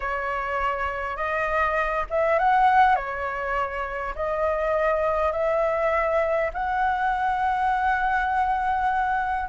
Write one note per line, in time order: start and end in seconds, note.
0.00 1.16 C#5
1.16 2.05 D#5
2.10 2.38 E5
2.38 2.95 F#5
2.95 4.14 C#5
4.15 5.32 D#5
5.32 6.50 E5
6.53 9.49 F#5